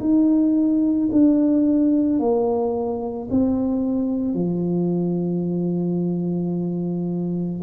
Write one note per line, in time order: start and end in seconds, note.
0.00 1.09 D#4
1.12 2.19 D4
2.19 3.28 A#3
3.30 4.34 C4
4.34 7.61 F3